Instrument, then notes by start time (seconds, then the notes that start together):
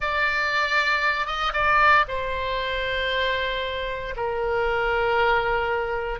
oboe
0.00 D5
1.26 D#5
1.53 D5
2.07 C5
4.16 A#4